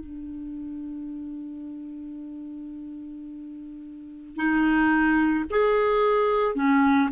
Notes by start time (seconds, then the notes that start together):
0.00 D4
4.36 D#4
5.51 G#4
6.56 C#4